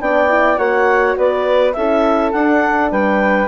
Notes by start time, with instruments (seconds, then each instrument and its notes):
0.00 bassoon B3, horn D4, flute D5, clarinet G5
0.28 horn E4
0.58 bassoon A#3, horn F#4, flute C#5, clarinet F#5
1.17 bassoon B3, flute B4, clarinet D5
1.73 bassoon C#4, horn E4, flute A4, clarinet E5
2.32 bassoon D4, horn D4, clarinet F#5
2.92 bassoon G3, flute B4, clarinet G5